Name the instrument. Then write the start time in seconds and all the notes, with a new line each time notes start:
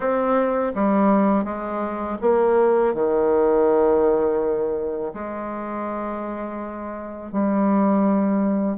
bassoon
0.00 C4
0.74 G3
1.44 G#3
2.21 A#3
2.93 D#3
5.13 G#3
7.32 G3